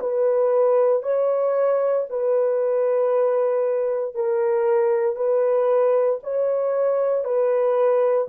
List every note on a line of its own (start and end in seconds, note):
0.00 1.03 B4
1.03 2.06 C#5
2.10 4.15 B4
4.15 5.16 A#4
5.16 6.19 B4
6.23 7.25 C#5
7.25 8.28 B4